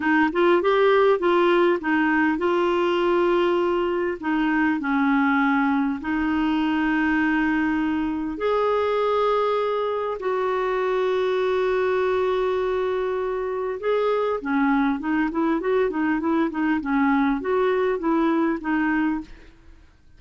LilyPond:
\new Staff \with { instrumentName = "clarinet" } { \time 4/4 \tempo 4 = 100 dis'8 f'8 g'4 f'4 dis'4 | f'2. dis'4 | cis'2 dis'2~ | dis'2 gis'2~ |
gis'4 fis'2.~ | fis'2. gis'4 | cis'4 dis'8 e'8 fis'8 dis'8 e'8 dis'8 | cis'4 fis'4 e'4 dis'4 | }